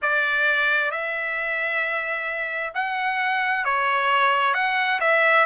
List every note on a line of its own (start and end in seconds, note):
0.02 0.91 D5
0.91 2.73 E5
2.74 3.64 F#5
3.64 4.54 C#5
4.54 4.99 F#5
5.00 5.45 E5